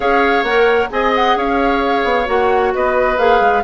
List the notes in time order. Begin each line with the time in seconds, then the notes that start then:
0.00 C#4 G#4 C#5 F5
0.43 A#3 A#4 F#5
0.90 C4 G#4 D#5 G#5
1.15 F#5
1.36 C#4 C#5 F5
2.04 B3
2.25 A#3 F#4 F#5
2.74 B3 B4 D#5
3.17 A#3 G#4 F5
3.40 G#3